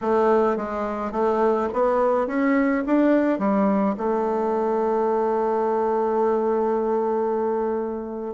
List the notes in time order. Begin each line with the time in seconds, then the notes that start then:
0.01 A3
0.56 G#3
1.11 A3
1.73 B3
2.27 C#4
2.86 D4
3.39 G3
3.97 A3